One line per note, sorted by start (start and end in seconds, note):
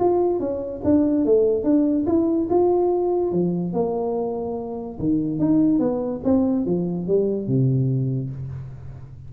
0.00 0.40 F4
0.40 0.82 C#4
0.84 1.26 D4
1.26 1.64 A3
1.64 2.06 D4
2.07 2.49 E4
2.50 3.32 F4
3.32 3.74 F3
3.74 4.99 A#3
5.00 5.40 D#3
5.40 5.80 D#4
5.80 6.21 B3
6.24 6.66 C4
6.66 7.08 F3
7.08 7.48 G3
7.48 8.31 C3